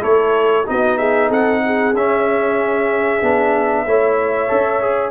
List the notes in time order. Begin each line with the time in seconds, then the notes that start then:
0.00 A3 E4 A4 C#5
0.66 B3 D#4 F#4 D#5
0.98 G#4 E5
1.29 C4 A4 F#5
1.65 G#4
1.94 C#4 E5
3.22 B3 D4
3.86 A3 E4 C#5
4.49 C#4 A4
4.81 G#4